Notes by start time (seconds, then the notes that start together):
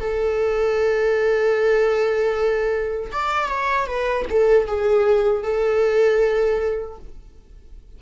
0.00 A4
3.13 D5
3.49 C#5
3.87 B4
4.30 A4
4.67 G#4
5.43 A4